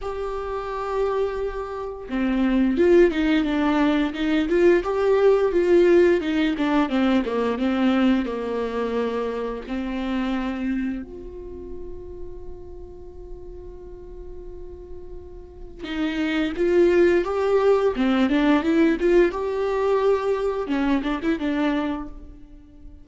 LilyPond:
\new Staff \with { instrumentName = "viola" } { \time 4/4 \tempo 4 = 87 g'2. c'4 | f'8 dis'8 d'4 dis'8 f'8 g'4 | f'4 dis'8 d'8 c'8 ais8 c'4 | ais2 c'2 |
f'1~ | f'2. dis'4 | f'4 g'4 c'8 d'8 e'8 f'8 | g'2 cis'8 d'16 e'16 d'4 | }